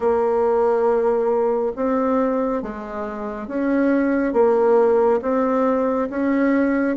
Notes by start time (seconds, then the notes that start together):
0.00 A#3
1.75 C4
2.62 G#3
3.47 C#4
4.33 A#3
5.22 C4
6.09 C#4